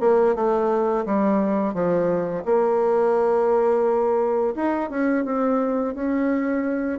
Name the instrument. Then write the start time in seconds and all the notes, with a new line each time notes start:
bassoon
0.00 A#3
0.35 A3
1.05 G3
1.74 F3
2.45 A#3
4.55 D#4
4.90 C#4
5.25 C4
5.95 C#4